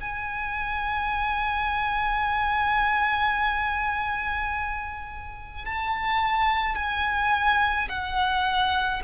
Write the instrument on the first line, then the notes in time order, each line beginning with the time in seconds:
violin
0.00 G#5
5.65 A5
6.75 G#5
7.88 F#5